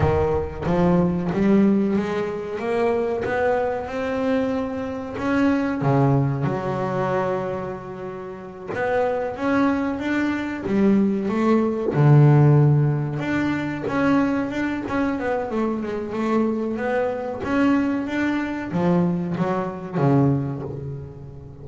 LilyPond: \new Staff \with { instrumentName = "double bass" } { \time 4/4 \tempo 4 = 93 dis4 f4 g4 gis4 | ais4 b4 c'2 | cis'4 cis4 fis2~ | fis4. b4 cis'4 d'8~ |
d'8 g4 a4 d4.~ | d8 d'4 cis'4 d'8 cis'8 b8 | a8 gis8 a4 b4 cis'4 | d'4 f4 fis4 cis4 | }